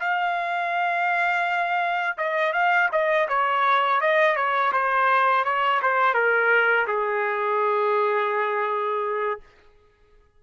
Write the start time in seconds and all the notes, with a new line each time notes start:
0.00 F5
2.18 D#5
2.53 F5
2.92 D#5
3.29 C#5
4.01 D#5
4.36 C#5
4.73 C5
5.44 C#5
5.82 C5
6.14 A#4
6.87 G#4